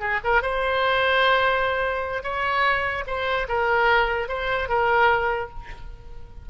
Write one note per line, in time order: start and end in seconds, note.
0.00 0.20 G#4
0.24 0.42 A#4
0.42 2.23 C5
2.23 3.04 C#5
3.07 3.47 C5
3.49 4.29 A#4
4.29 4.69 C5
4.69 5.50 A#4